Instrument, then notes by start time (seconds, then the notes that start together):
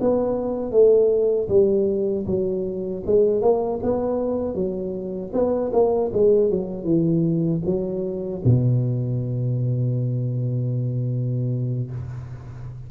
tuba
0.00 B3
0.71 A3
1.49 G3
2.26 F#3
3.06 G#3
3.41 A#3
3.83 B3
4.54 F#3
5.33 B3
5.72 A#3
6.13 G#3
6.50 F#3
6.84 E3
7.65 F#3
8.44 B2